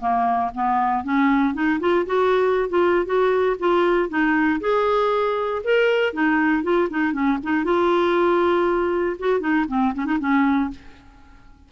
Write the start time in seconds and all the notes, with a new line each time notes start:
0.00 A#3
0.54 B3
1.04 C#4
1.54 D#4
1.80 F4
2.06 F#4
2.69 F4
3.05 F#4
3.59 F4
4.09 D#4
4.60 G#4
5.64 A#4
6.13 D#4
6.63 F4
6.90 D#4
7.13 C#4
7.43 D#4
7.64 F4
9.19 F#4
9.40 D#4
9.68 C4
9.94 C#4
10.06 D#4
10.20 C#4